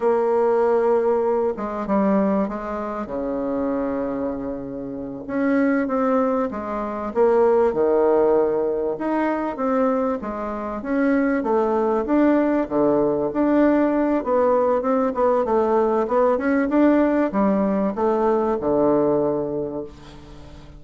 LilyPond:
\new Staff \with { instrumentName = "bassoon" } { \time 4/4 \tempo 4 = 97 ais2~ ais8 gis8 g4 | gis4 cis2.~ | cis8 cis'4 c'4 gis4 ais8~ | ais8 dis2 dis'4 c'8~ |
c'8 gis4 cis'4 a4 d'8~ | d'8 d4 d'4. b4 | c'8 b8 a4 b8 cis'8 d'4 | g4 a4 d2 | }